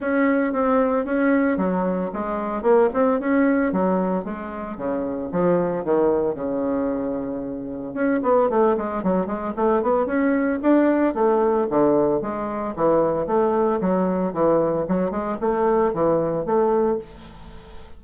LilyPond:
\new Staff \with { instrumentName = "bassoon" } { \time 4/4 \tempo 4 = 113 cis'4 c'4 cis'4 fis4 | gis4 ais8 c'8 cis'4 fis4 | gis4 cis4 f4 dis4 | cis2. cis'8 b8 |
a8 gis8 fis8 gis8 a8 b8 cis'4 | d'4 a4 d4 gis4 | e4 a4 fis4 e4 | fis8 gis8 a4 e4 a4 | }